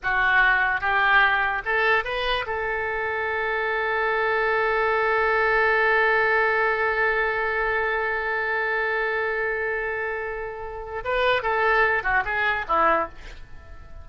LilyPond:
\new Staff \with { instrumentName = "oboe" } { \time 4/4 \tempo 4 = 147 fis'2 g'2 | a'4 b'4 a'2~ | a'1~ | a'1~ |
a'1~ | a'1~ | a'2. b'4 | a'4. fis'8 gis'4 e'4 | }